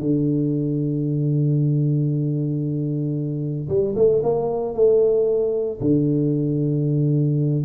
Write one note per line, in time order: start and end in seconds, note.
0.00 3.68 D3
3.69 3.95 G3
3.96 4.22 A3
4.23 4.74 A#3
4.74 5.80 A3
5.81 7.65 D3